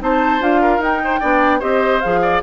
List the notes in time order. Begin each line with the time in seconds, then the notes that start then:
0.00 C4 D#4 C5 A5
0.40 D4 F4 F5
0.61 A#4
0.79 D#4 G5
1.04 C5
1.20 B3 D4 D5
1.59 C4 G4 C5 D#5
2.01 F3 G#4 F5
2.22 D5